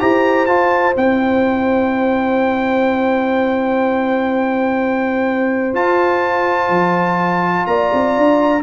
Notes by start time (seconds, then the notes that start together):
0.00 E4 G4 C5 A#5
0.46 F4 A5
0.94 C4 E4 G5
5.73 F4 A5
6.69 F3
7.66 A#3 D5 A#5
7.94 C4
8.18 D4